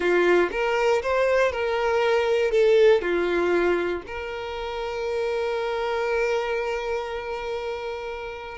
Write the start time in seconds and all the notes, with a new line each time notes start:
0.00 F4
0.51 A#4
1.02 C5
1.51 A#4
2.51 A4
3.01 F4
4.06 A#4